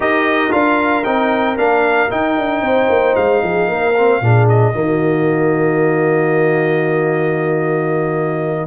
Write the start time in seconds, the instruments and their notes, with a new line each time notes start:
0.00 tuba D#4, trombone G4, horn A#4, trumpet D#5
0.50 tuba D4, trombone F4, trumpet F5
1.04 tuba C4, trombone D#4, trumpet G5
1.57 tuba A#3, trombone D4, trumpet F5
2.09 trombone D#4, tuba D#4, trumpet G5
2.37 tuba D4
2.61 tuba C4, horn C5
2.88 tuba A#3
3.15 tuba G#3, trumpet F5
3.42 tuba F3, horn G#4
3.68 tuba A#3, horn A#4
3.97 trombone C4
4.21 tuba A#2, trombone D4, horn G#4
4.48 trumpet D#5
4.73 tuba D#3, trombone A#3, horn F#4